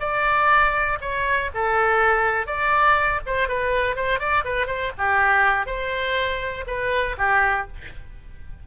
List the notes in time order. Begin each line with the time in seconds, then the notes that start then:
0.00 D5
1.01 C#5
1.54 A4
2.47 D5
3.26 C5
3.48 B4
3.96 C5
4.20 D5
4.45 B4
4.67 C5
4.98 G4
5.66 C5
6.67 B4
7.18 G4